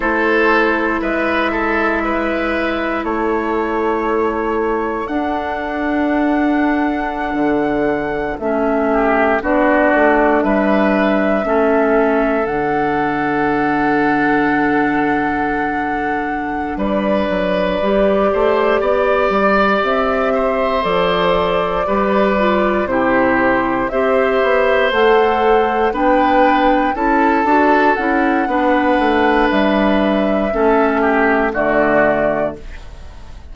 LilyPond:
<<
  \new Staff \with { instrumentName = "flute" } { \time 4/4 \tempo 4 = 59 c''4 e''2 cis''4~ | cis''4 fis''2.~ | fis''16 e''4 d''4 e''4.~ e''16~ | e''16 fis''2.~ fis''8.~ |
fis''8 d''2. e''8~ | e''8 d''2 c''4 e''8~ | e''8 fis''4 g''4 a''4 fis''8~ | fis''4 e''2 d''4 | }
  \new Staff \with { instrumentName = "oboe" } { \time 4/4 a'4 b'8 a'8 b'4 a'4~ | a'1~ | a'8. g'8 fis'4 b'4 a'8.~ | a'1~ |
a'8 b'4. c''8 d''4. | c''4. b'4 g'4 c''8~ | c''4. b'4 a'4. | b'2 a'8 g'8 fis'4 | }
  \new Staff \with { instrumentName = "clarinet" } { \time 4/4 e'1~ | e'4 d'2.~ | d'16 cis'4 d'2 cis'8.~ | cis'16 d'2.~ d'8.~ |
d'4. g'2~ g'8~ | g'8 a'4 g'8 f'8 e'4 g'8~ | g'8 a'4 d'4 e'8 fis'8 e'8 | d'2 cis'4 a4 | }
  \new Staff \with { instrumentName = "bassoon" } { \time 4/4 a4 gis2 a4~ | a4 d'2~ d'16 d8.~ | d16 a4 b8 a8 g4 a8.~ | a16 d2.~ d8.~ |
d8 g8 fis8 g8 a8 b8 g8 c'8~ | c'8 f4 g4 c4 c'8 | b8 a4 b4 cis'8 d'8 cis'8 | b8 a8 g4 a4 d4 | }
>>